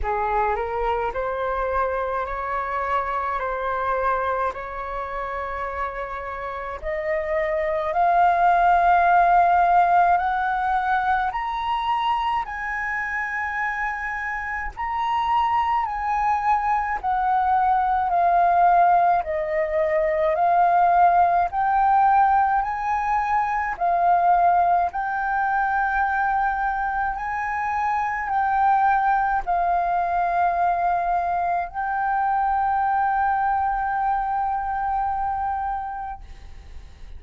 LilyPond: \new Staff \with { instrumentName = "flute" } { \time 4/4 \tempo 4 = 53 gis'8 ais'8 c''4 cis''4 c''4 | cis''2 dis''4 f''4~ | f''4 fis''4 ais''4 gis''4~ | gis''4 ais''4 gis''4 fis''4 |
f''4 dis''4 f''4 g''4 | gis''4 f''4 g''2 | gis''4 g''4 f''2 | g''1 | }